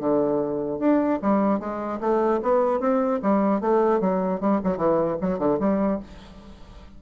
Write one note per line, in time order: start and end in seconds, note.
0.00 0.80 D3
0.80 1.20 D4
1.23 1.60 G3
1.60 2.00 G#3
2.01 2.41 A3
2.43 2.81 B3
2.81 3.21 C4
3.23 3.61 G3
3.61 4.01 A3
4.01 4.41 F#3
4.41 4.61 G3
4.64 4.78 F#3
4.78 5.18 E3
5.22 5.39 F#3
5.39 5.59 D3
5.60 6.00 G3